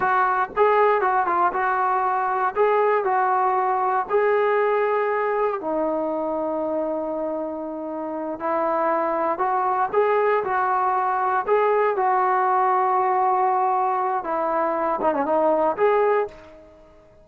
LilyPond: \new Staff \with { instrumentName = "trombone" } { \time 4/4 \tempo 4 = 118 fis'4 gis'4 fis'8 f'8 fis'4~ | fis'4 gis'4 fis'2 | gis'2. dis'4~ | dis'1~ |
dis'8 e'2 fis'4 gis'8~ | gis'8 fis'2 gis'4 fis'8~ | fis'1 | e'4. dis'16 cis'16 dis'4 gis'4 | }